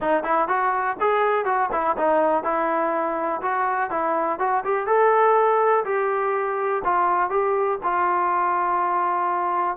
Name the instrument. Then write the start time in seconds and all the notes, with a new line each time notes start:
trombone
0.00 D#4
0.23 E4
0.47 F#4
1.00 G#4
1.45 F#4
1.71 E4
1.97 D#4
2.43 E4
3.41 F#4
3.90 E4
4.39 F#4
4.64 G4
4.86 A4
5.84 G4
6.84 F4
7.30 G4
7.83 F4